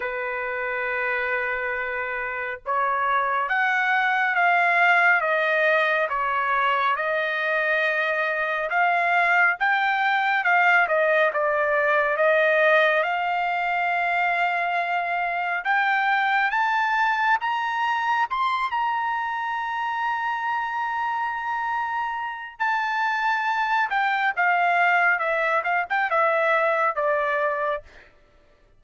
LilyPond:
\new Staff \with { instrumentName = "trumpet" } { \time 4/4 \tempo 4 = 69 b'2. cis''4 | fis''4 f''4 dis''4 cis''4 | dis''2 f''4 g''4 | f''8 dis''8 d''4 dis''4 f''4~ |
f''2 g''4 a''4 | ais''4 c'''8 ais''2~ ais''8~ | ais''2 a''4. g''8 | f''4 e''8 f''16 g''16 e''4 d''4 | }